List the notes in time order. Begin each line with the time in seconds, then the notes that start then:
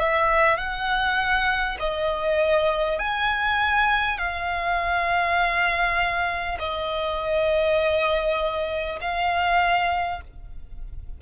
0.00 E5
0.57 F#5
1.80 D#5
2.99 G#5
4.18 F5
6.59 D#5
9.01 F5